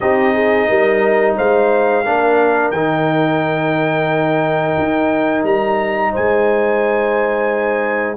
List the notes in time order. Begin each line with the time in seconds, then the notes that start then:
0.00 C4 D#4 G4 D#5
0.33 G#4
0.68 G3 A#4
1.37 G#3 C5 F5
2.05 A#3 D4 A#4
2.71 D#3 D#4 G5
4.78 D#4
5.43 G3 A#5
6.11 G#3 C5 G#5